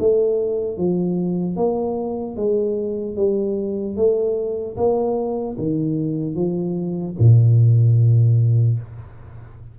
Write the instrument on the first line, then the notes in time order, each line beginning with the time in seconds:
tuba
0.00 A3
0.78 F3
1.57 A#3
2.36 G#3
3.16 G3
3.96 A3
4.77 A#3
5.58 D#3
6.35 F3
7.20 A#2